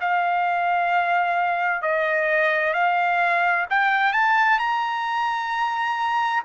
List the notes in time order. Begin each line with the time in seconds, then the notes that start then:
0.00 F5
1.82 D#5
2.73 F5
3.70 G5
4.12 A5
4.59 A#5